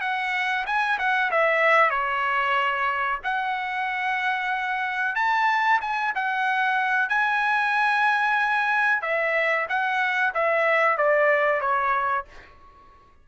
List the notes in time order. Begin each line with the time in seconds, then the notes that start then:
0.00 F#5
0.66 G#5
0.98 F#5
1.30 E5
1.90 C#5
3.23 F#5
5.15 A5
5.80 G#5
6.14 F#5
7.09 G#5
9.01 E5
9.69 F#5
10.34 E5
10.97 D5
11.60 C#5